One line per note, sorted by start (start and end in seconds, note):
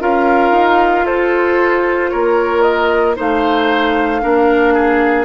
0.00 0.51 C#4
0.00 3.16 F4
0.00 1.05 A#4
0.00 1.06 F5
0.51 1.04 D#4
1.05 2.12 F4
1.05 2.10 A4
1.05 2.10 C5
2.10 3.18 A#3
2.10 3.16 A#4
2.10 2.62 C#5
2.62 3.14 D#5
3.16 4.24 A3
3.16 4.21 D#4
3.16 4.21 C5
3.16 5.25 F5
4.21 5.25 A#3
4.21 5.25 D4
4.21 4.74 A#4
4.74 5.25 G#4